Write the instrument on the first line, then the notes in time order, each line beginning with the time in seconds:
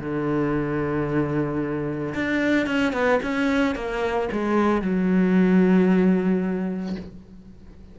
cello
0.00 D3
2.15 D4
2.67 C#4
2.93 B3
3.23 C#4
3.76 A#3
4.32 G#3
4.82 F#3